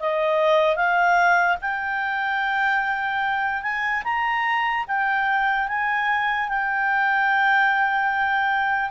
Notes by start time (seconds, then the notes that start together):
0.00 D#5
0.76 F5
1.61 G5
3.63 G#5
4.04 A#5
4.88 G5
5.68 G#5
6.49 G5